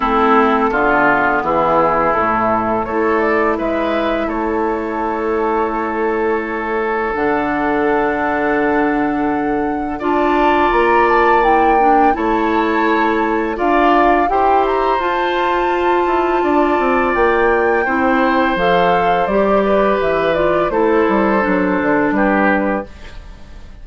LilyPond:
<<
  \new Staff \with { instrumentName = "flute" } { \time 4/4 \tempo 4 = 84 a'2 gis'4 a'4 | cis''8 d''8 e''4 cis''2~ | cis''2 fis''2~ | fis''2 a''4 ais''8 a''8 |
g''4 a''2 f''4 | g''8 ais''8 a''2. | g''2 f''4 d''4 | e''8 d''8 c''2 b'4 | }
  \new Staff \with { instrumentName = "oboe" } { \time 4/4 e'4 f'4 e'2 | a'4 b'4 a'2~ | a'1~ | a'2 d''2~ |
d''4 cis''2 d''4 | c''2. d''4~ | d''4 c''2~ c''8 b'8~ | b'4 a'2 g'4 | }
  \new Staff \with { instrumentName = "clarinet" } { \time 4/4 c'4 b2 a4 | e'1~ | e'2 d'2~ | d'2 f'2 |
e'8 d'8 e'2 f'4 | g'4 f'2.~ | f'4 e'4 a'4 g'4~ | g'8 f'8 e'4 d'2 | }
  \new Staff \with { instrumentName = "bassoon" } { \time 4/4 a4 d4 e4 a,4 | a4 gis4 a2~ | a2 d2~ | d2 d'4 ais4~ |
ais4 a2 d'4 | e'4 f'4. e'8 d'8 c'8 | ais4 c'4 f4 g4 | e4 a8 g8 fis8 d8 g4 | }
>>